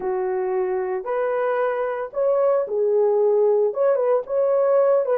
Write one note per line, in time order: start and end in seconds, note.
0.00 1.04 F#4
1.04 2.10 B4
2.13 2.66 C#5
2.67 3.73 G#4
3.73 3.95 C#5
3.95 4.22 B4
4.26 5.05 C#5
5.05 5.17 B4